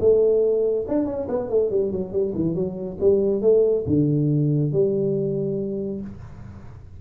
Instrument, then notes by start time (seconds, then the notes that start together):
tuba
0.00 A3
0.88 D4
1.06 C#4
1.29 B3
1.50 A3
1.70 G3
1.92 F#3
2.13 G3
2.35 E3
2.55 F#3
3.00 G3
3.42 A3
3.87 D3
4.72 G3